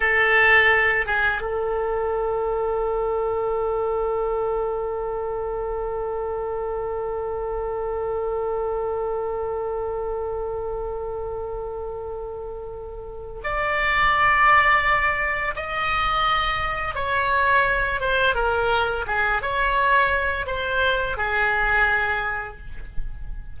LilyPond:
\new Staff \with { instrumentName = "oboe" } { \time 4/4 \tempo 4 = 85 a'4. gis'8 a'2~ | a'1~ | a'1~ | a'1~ |
a'2. d''4~ | d''2 dis''2 | cis''4. c''8 ais'4 gis'8 cis''8~ | cis''4 c''4 gis'2 | }